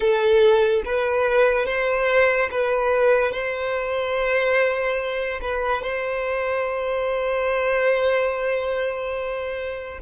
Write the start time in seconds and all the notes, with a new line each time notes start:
0.00 A4
0.85 B4
1.66 C5
2.51 B4
3.31 C5
5.41 B4
5.82 C5